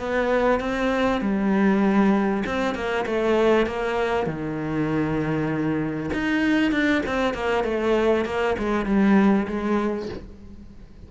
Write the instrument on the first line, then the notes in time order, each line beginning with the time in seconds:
cello
0.00 B3
0.60 C4
1.21 G3
2.47 C4
2.75 A#3
3.06 A3
3.67 A#3
4.27 D#3
6.14 D#4
6.72 D4
7.07 C4
7.34 A#3
7.64 A3
8.26 A#3
8.59 G#3
8.86 G3
9.48 G#3